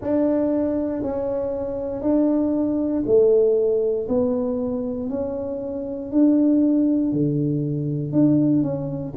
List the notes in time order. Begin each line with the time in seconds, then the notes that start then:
0.01 D4
1.02 C#4
2.01 D4
3.06 A3
4.08 B3
5.09 C#4
6.11 D4
7.12 D3
8.12 D4
8.62 C#4